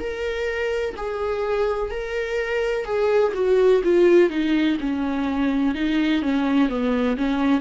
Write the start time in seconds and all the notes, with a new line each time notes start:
0.00 A#4
0.97 G#4
1.91 A#4
2.85 G#4
3.35 F#4
3.84 F4
4.30 D#4
4.81 C#4
5.75 D#4
6.23 C#4
6.70 B3
7.17 C#4